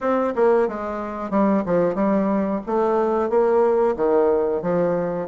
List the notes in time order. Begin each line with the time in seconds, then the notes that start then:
0.00 C4
0.35 A#3
0.67 G#3
1.30 G3
1.65 F3
1.95 G3
2.66 A3
3.29 A#3
3.96 D#3
4.62 F3